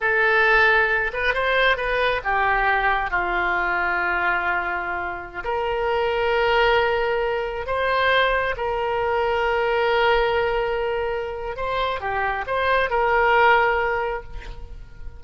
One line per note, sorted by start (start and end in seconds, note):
0.00 1.11 A4
1.13 1.34 B4
1.34 1.77 C5
1.77 2.21 B4
2.23 3.10 G4
3.10 5.43 F4
5.44 7.66 A#4
7.66 8.55 C5
8.56 11.56 A#4
11.56 12.00 C5
12.00 12.44 G4
12.46 12.89 C5
12.89 14.23 A#4